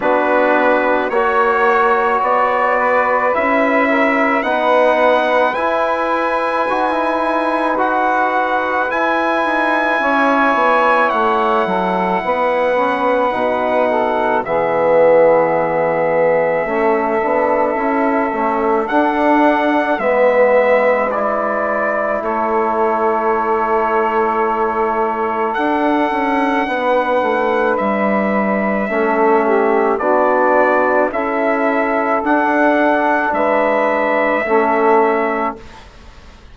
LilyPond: <<
  \new Staff \with { instrumentName = "trumpet" } { \time 4/4 \tempo 4 = 54 b'4 cis''4 d''4 e''4 | fis''4 gis''2 fis''4 | gis''2 fis''2~ | fis''4 e''2.~ |
e''4 fis''4 e''4 d''4 | cis''2. fis''4~ | fis''4 e''2 d''4 | e''4 fis''4 e''2 | }
  \new Staff \with { instrumentName = "saxophone" } { \time 4/4 fis'4 cis''4. b'4 ais'8 | b'1~ | b'4 cis''4. a'8 b'4~ | b'8 a'8 gis'2 a'4~ |
a'2 b'2 | a'1 | b'2 a'8 g'8 fis'4 | a'2 b'4 a'4 | }
  \new Staff \with { instrumentName = "trombone" } { \time 4/4 d'4 fis'2 e'4 | dis'4 e'4 fis'16 e'8. fis'4 | e'2.~ e'8 cis'8 | dis'4 b2 cis'8 d'8 |
e'8 cis'8 d'4 b4 e'4~ | e'2. d'4~ | d'2 cis'4 d'4 | e'4 d'2 cis'4 | }
  \new Staff \with { instrumentName = "bassoon" } { \time 4/4 b4 ais4 b4 cis'4 | b4 e'4 dis'2 | e'8 dis'8 cis'8 b8 a8 fis8 b4 | b,4 e2 a8 b8 |
cis'8 a8 d'4 gis2 | a2. d'8 cis'8 | b8 a8 g4 a4 b4 | cis'4 d'4 gis4 a4 | }
>>